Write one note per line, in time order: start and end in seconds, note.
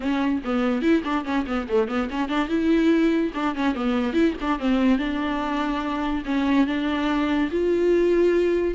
0.00 0.42 C#4
0.44 0.82 B3
0.82 1.02 E4
1.04 1.24 D4
1.24 1.45 C#4
1.46 1.67 B3
1.69 1.88 A3
1.88 2.09 B3
2.10 2.28 C#4
2.28 2.48 D4
2.48 3.31 E4
3.34 3.55 D4
3.55 3.74 C#4
3.74 4.13 B3
4.13 4.34 E4
4.40 4.59 D4
4.59 4.98 C4
4.98 6.23 D4
6.25 6.66 C#4
6.66 7.50 D4
7.51 8.74 F4